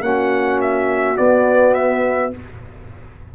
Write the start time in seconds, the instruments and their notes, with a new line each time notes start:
0.00 tuba A#3, trombone C#4, horn F#4, trumpet F#5
0.61 trumpet E5
1.16 trombone B3, tuba B3, trumpet D5
1.74 trumpet E5